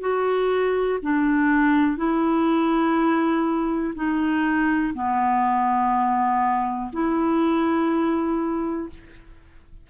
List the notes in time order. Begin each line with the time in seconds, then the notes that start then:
0.00 F#4
1.02 D4
1.97 E4
3.95 D#4
4.94 B3
6.92 E4